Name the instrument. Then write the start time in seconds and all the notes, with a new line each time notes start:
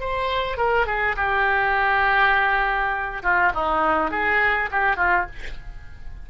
oboe
0.00 C5
0.57 A#4
0.86 G#4
1.17 G4
3.23 F4
3.55 D#4
4.11 G#4
4.71 G4
4.97 F4